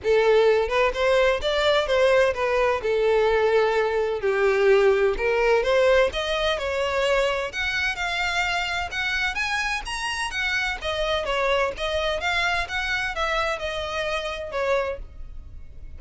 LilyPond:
\new Staff \with { instrumentName = "violin" } { \time 4/4 \tempo 4 = 128 a'4. b'8 c''4 d''4 | c''4 b'4 a'2~ | a'4 g'2 ais'4 | c''4 dis''4 cis''2 |
fis''4 f''2 fis''4 | gis''4 ais''4 fis''4 dis''4 | cis''4 dis''4 f''4 fis''4 | e''4 dis''2 cis''4 | }